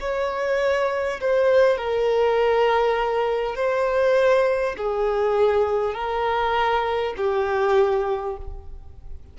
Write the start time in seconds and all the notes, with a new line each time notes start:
0.00 C#5
1.21 C5
1.77 A#4
3.55 C5
4.77 G#4
5.94 A#4
7.17 G4